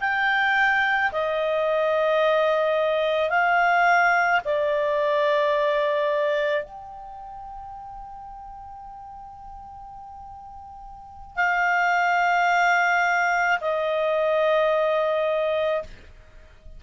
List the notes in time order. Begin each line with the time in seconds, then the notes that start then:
0.00 G5
1.12 D#5
3.29 F5
4.45 D5
6.64 G5
11.36 F5
13.61 D#5